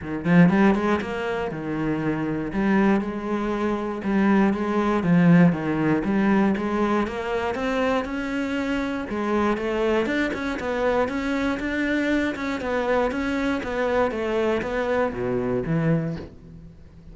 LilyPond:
\new Staff \with { instrumentName = "cello" } { \time 4/4 \tempo 4 = 119 dis8 f8 g8 gis8 ais4 dis4~ | dis4 g4 gis2 | g4 gis4 f4 dis4 | g4 gis4 ais4 c'4 |
cis'2 gis4 a4 | d'8 cis'8 b4 cis'4 d'4~ | d'8 cis'8 b4 cis'4 b4 | a4 b4 b,4 e4 | }